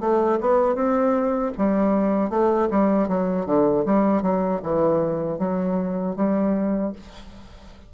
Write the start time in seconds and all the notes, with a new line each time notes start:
0.00 A3
0.41 B3
0.75 C4
1.58 G3
2.29 A3
2.70 G3
3.08 F#3
3.46 D3
3.85 G3
4.22 F#3
4.62 E3
5.38 F#3
6.16 G3